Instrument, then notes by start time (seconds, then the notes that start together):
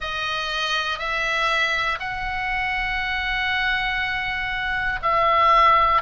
oboe
0.00 D#5
0.99 E5
2.00 F#5
5.02 E5